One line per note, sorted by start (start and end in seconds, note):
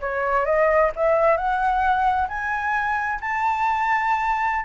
0.00 0.45 C#5
0.45 0.91 D#5
0.96 1.37 E5
1.37 2.28 F#5
2.28 3.19 G#5
3.20 4.65 A5